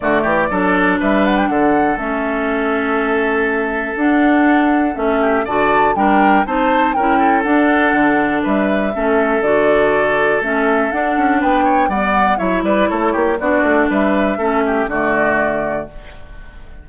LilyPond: <<
  \new Staff \with { instrumentName = "flute" } { \time 4/4 \tempo 4 = 121 d''2 e''8 fis''16 g''16 fis''4 | e''1 | fis''2 e''4 a''4 | g''4 a''4 g''4 fis''4~ |
fis''4 e''2 d''4~ | d''4 e''4 fis''4 g''4 | fis''4 e''8 d''8 cis''4 d''4 | e''2 d''2 | }
  \new Staff \with { instrumentName = "oboe" } { \time 4/4 fis'8 g'8 a'4 b'4 a'4~ | a'1~ | a'2~ a'8 g'8 d''4 | ais'4 c''4 ais'8 a'4.~ |
a'4 b'4 a'2~ | a'2. b'8 cis''8 | d''4 cis''8 b'8 a'8 g'8 fis'4 | b'4 a'8 g'8 fis'2 | }
  \new Staff \with { instrumentName = "clarinet" } { \time 4/4 a4 d'2. | cis'1 | d'2 cis'4 fis'4 | d'4 dis'4 e'4 d'4~ |
d'2 cis'4 fis'4~ | fis'4 cis'4 d'2 | b4 e'2 d'4~ | d'4 cis'4 a2 | }
  \new Staff \with { instrumentName = "bassoon" } { \time 4/4 d8 e8 fis4 g4 d4 | a1 | d'2 a4 d4 | g4 c'4 cis'4 d'4 |
d4 g4 a4 d4~ | d4 a4 d'8 cis'8 b4 | g4 fis8 g8 a8 ais8 b8 a8 | g4 a4 d2 | }
>>